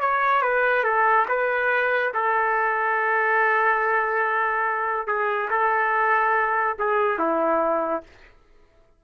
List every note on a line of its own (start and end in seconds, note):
0.00 0.41 C#5
0.41 0.83 B4
0.83 1.26 A4
1.28 2.12 B4
2.13 5.07 A4
5.07 5.49 G#4
5.50 6.76 A4
6.78 7.18 G#4
7.18 8.03 E4